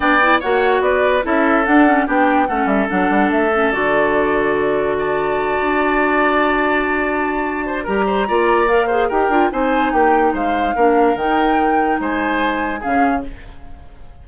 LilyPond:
<<
  \new Staff \with { instrumentName = "flute" } { \time 4/4 \tempo 4 = 145 g''4 fis''4 d''4 e''4 | fis''4 g''4 fis''8 e''8 fis''4 | e''4 d''2. | a''1~ |
a''2. ais''4~ | ais''4 f''4 g''4 gis''4 | g''4 f''2 g''4~ | g''4 gis''2 f''4 | }
  \new Staff \with { instrumentName = "oboe" } { \time 4/4 d''4 cis''4 b'4 a'4~ | a'4 g'4 a'2~ | a'1 | d''1~ |
d''2~ d''8 c''8 ais'8 c''8 | d''4. c''8 ais'4 c''4 | g'4 c''4 ais'2~ | ais'4 c''2 gis'4 | }
  \new Staff \with { instrumentName = "clarinet" } { \time 4/4 d'8 e'8 fis'2 e'4 | d'8 cis'8 d'4 cis'4 d'4~ | d'8 cis'8 fis'2.~ | fis'1~ |
fis'2. g'4 | f'4 ais'8 gis'8 g'8 f'8 dis'4~ | dis'2 d'4 dis'4~ | dis'2. cis'4 | }
  \new Staff \with { instrumentName = "bassoon" } { \time 4/4 b4 ais4 b4 cis'4 | d'4 b4 a8 g8 fis8 g8 | a4 d2.~ | d4. d'2~ d'8~ |
d'2. g4 | ais2 dis'8 d'8 c'4 | ais4 gis4 ais4 dis4~ | dis4 gis2 cis4 | }
>>